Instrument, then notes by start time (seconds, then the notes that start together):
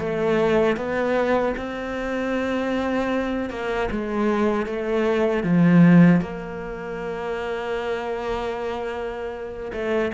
cello
0.00 A3
0.77 B3
1.57 C4
3.50 A#3
3.91 G#3
4.67 A3
5.44 F3
6.22 A#3
9.73 A3